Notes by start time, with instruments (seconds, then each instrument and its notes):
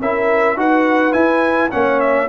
0.00 tuba C#4, trombone E4, horn A#4, trumpet E5
0.56 tuba D#4, trombone F#4, horn B4, trumpet F#5
1.12 trombone E4, tuba E4, trumpet G#5
1.70 tuba A#3, trombone C#4, horn C#5, trumpet F#5
2.00 trumpet E5